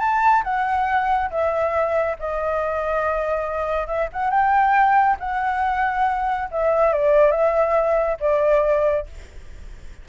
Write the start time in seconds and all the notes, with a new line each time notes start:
0.00 A5
0.44 F#5
1.30 E5
2.19 D#5
3.87 E5
4.13 F#5
4.31 G5
5.20 F#5
6.51 E5
6.93 D5
7.31 E5
8.20 D5